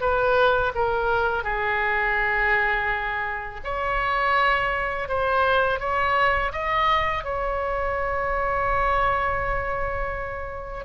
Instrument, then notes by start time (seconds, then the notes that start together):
oboe
0.00 B4
0.75 A#4
1.43 G#4
3.63 C#5
5.08 C5
5.79 C#5
6.52 D#5
7.24 C#5